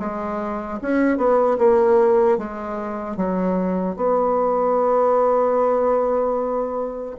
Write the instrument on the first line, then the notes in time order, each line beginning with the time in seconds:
bassoon
0.00 G#3
0.82 C#4
1.18 B3
1.59 A#3
2.38 G#3
3.17 F#3
3.97 B3